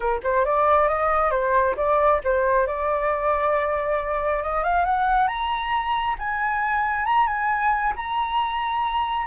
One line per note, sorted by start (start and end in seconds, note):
0.00 0.20 A#4
0.23 0.45 C5
0.45 0.88 D5
0.88 1.31 D#5
1.31 1.75 C5
1.76 2.20 D5
2.24 2.66 C5
2.66 4.42 D5
4.42 4.63 D#5
4.63 4.85 F5
4.85 5.27 F#5
5.27 6.15 A#5
6.18 7.05 G#5
7.05 7.27 A#5
7.27 7.93 G#5
7.95 9.26 A#5